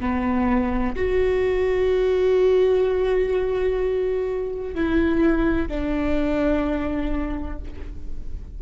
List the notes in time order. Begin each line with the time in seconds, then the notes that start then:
0.00 B3
0.96 F#4
4.75 E4
5.68 D4